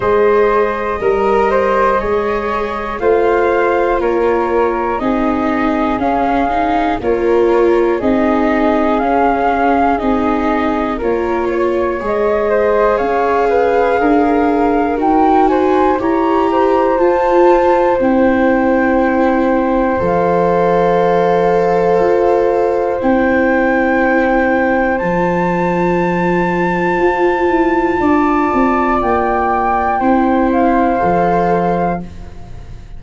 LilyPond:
<<
  \new Staff \with { instrumentName = "flute" } { \time 4/4 \tempo 4 = 60 dis''2. f''4 | cis''4 dis''4 f''4 cis''4 | dis''4 f''4 dis''4 cis''4 | dis''4 f''2 g''8 gis''8 |
ais''4 a''4 g''2 | f''2. g''4~ | g''4 a''2.~ | a''4 g''4. f''4. | }
  \new Staff \with { instrumentName = "flute" } { \time 4/4 c''4 ais'8 c''8 cis''4 c''4 | ais'4 gis'2 ais'4 | gis'2. ais'8 cis''8~ | cis''8 c''8 cis''8 b'8 ais'4. c''8 |
cis''8 c''2.~ c''8~ | c''1~ | c''1 | d''2 c''2 | }
  \new Staff \with { instrumentName = "viola" } { \time 4/4 gis'4 ais'4 gis'4 f'4~ | f'4 dis'4 cis'8 dis'8 f'4 | dis'4 cis'4 dis'4 f'4 | gis'2. fis'4 |
g'4 f'4 e'2 | a'2. e'4~ | e'4 f'2.~ | f'2 e'4 a'4 | }
  \new Staff \with { instrumentName = "tuba" } { \time 4/4 gis4 g4 gis4 a4 | ais4 c'4 cis'4 ais4 | c'4 cis'4 c'4 ais4 | gis4 cis'4 d'4 dis'4 |
e'4 f'4 c'2 | f2 f'4 c'4~ | c'4 f2 f'8 e'8 | d'8 c'8 ais4 c'4 f4 | }
>>